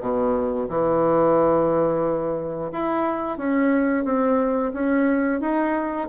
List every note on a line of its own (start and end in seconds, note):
0.00 0.67 B2
0.69 2.71 E3
2.72 3.38 E4
3.38 4.04 C#4
4.04 4.72 C4
4.73 5.40 C#4
5.40 6.08 D#4